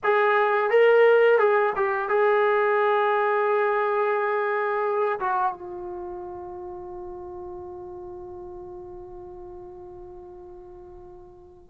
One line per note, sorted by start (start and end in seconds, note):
0.03 0.70 G#4
0.70 1.38 A#4
1.38 1.73 G#4
1.76 2.08 G4
2.08 5.19 G#4
5.19 5.52 F#4
5.52 11.70 F4